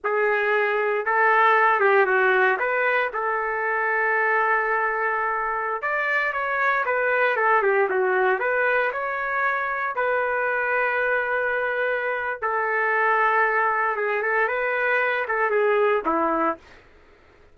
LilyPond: \new Staff \with { instrumentName = "trumpet" } { \time 4/4 \tempo 4 = 116 gis'2 a'4. g'8 | fis'4 b'4 a'2~ | a'2.~ a'16 d''8.~ | d''16 cis''4 b'4 a'8 g'8 fis'8.~ |
fis'16 b'4 cis''2 b'8.~ | b'1 | a'2. gis'8 a'8 | b'4. a'8 gis'4 e'4 | }